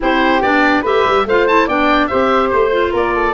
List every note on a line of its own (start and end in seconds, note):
0.00 0.42 C4
0.00 0.42 E4
0.00 0.81 G4
0.00 0.42 C5
0.42 0.83 B3
0.42 0.84 D4
0.42 0.84 D5
0.81 1.04 A3
0.81 1.26 G4
0.81 1.23 B4
0.81 1.27 E5
1.04 1.25 G3
1.25 1.67 A3
1.25 1.48 F4
1.25 1.66 C5
1.25 1.47 F5
1.47 1.69 E4
1.47 1.68 A5
1.66 2.09 B3
1.66 2.10 D4
1.66 2.08 D5
1.66 2.07 G5
2.07 2.52 C4
2.07 2.71 G4
2.07 2.91 C5
2.07 2.49 E5
2.50 2.93 A3
2.50 2.92 C5
2.71 3.34 F4
2.91 3.34 A#3
2.91 3.12 A#4
2.91 3.34 D5
3.14 3.34 A4